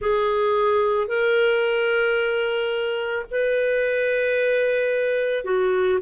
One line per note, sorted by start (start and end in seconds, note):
0.01 1.07 G#4
1.07 3.25 A#4
3.30 5.44 B4
5.44 5.99 F#4